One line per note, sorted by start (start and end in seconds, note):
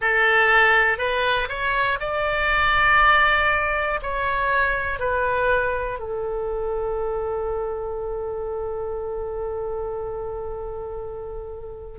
0.01 0.98 A4
0.98 1.48 B4
1.49 1.99 C#5
2.00 4.00 D5
4.02 4.99 C#5
4.99 5.99 B4
5.99 11.98 A4